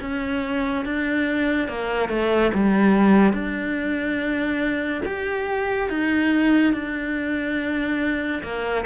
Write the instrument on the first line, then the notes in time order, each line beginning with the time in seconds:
cello
0.00 C#4
0.85 D4
1.68 A#3
2.09 A3
2.54 G3
3.32 D4
5.05 G4
5.89 D#4
6.73 D4
8.42 A#3